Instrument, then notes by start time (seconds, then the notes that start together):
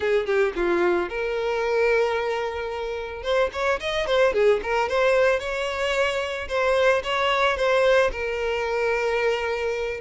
violin
0.00 G#4
0.26 G4
0.55 F4
1.09 A#4
3.23 C5
3.52 C#5
3.80 D#5
4.06 C5
4.33 G#4
4.62 A#4
4.88 C5
5.39 C#5
6.48 C5
7.03 C#5
7.57 C5
8.11 A#4